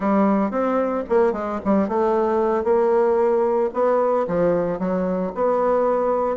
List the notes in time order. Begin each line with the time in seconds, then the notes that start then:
0.00 G3
0.50 C4
1.09 A#3
1.33 G#3
1.64 G3
1.88 A3
2.64 A#3
3.73 B3
4.27 F3
4.79 F#3
5.34 B3